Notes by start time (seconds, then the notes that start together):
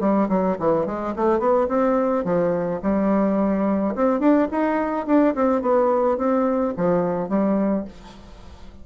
0.00 G3
0.29 F#3
0.59 E3
0.86 G#3
1.16 A3
1.39 B3
1.68 C4
2.24 F3
2.83 G3
3.95 C4
4.20 D4
4.51 D#4
5.06 D4
5.35 C4
5.62 B3
6.18 C4
6.77 F3
7.29 G3